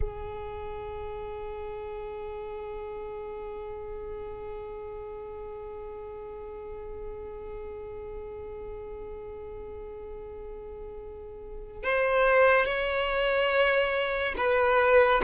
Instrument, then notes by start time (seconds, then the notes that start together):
violin
0.00 G#4
11.83 C5
12.65 C#5
14.37 B4